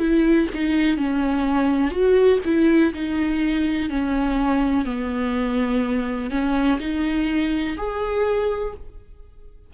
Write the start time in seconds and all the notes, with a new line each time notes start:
0.00 E4
0.54 D#4
0.98 C#4
1.91 F#4
2.45 E4
2.94 D#4
3.90 C#4
4.86 B3
6.31 C#4
6.80 D#4
7.77 G#4